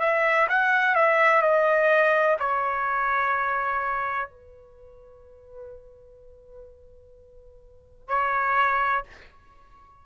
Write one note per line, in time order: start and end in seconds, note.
0.00 0.48 E5
0.49 0.95 F#5
0.95 1.42 E5
1.42 2.37 D#5
2.40 4.30 C#5
4.30 8.08 B4
8.08 9.03 C#5